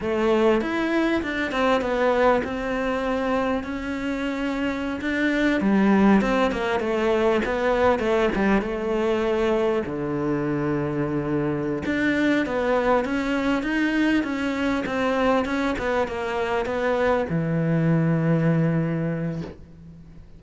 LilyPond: \new Staff \with { instrumentName = "cello" } { \time 4/4 \tempo 4 = 99 a4 e'4 d'8 c'8 b4 | c'2 cis'2~ | cis'16 d'4 g4 c'8 ais8 a8.~ | a16 b4 a8 g8 a4.~ a16~ |
a16 d2.~ d16 d'8~ | d'8 b4 cis'4 dis'4 cis'8~ | cis'8 c'4 cis'8 b8 ais4 b8~ | b8 e2.~ e8 | }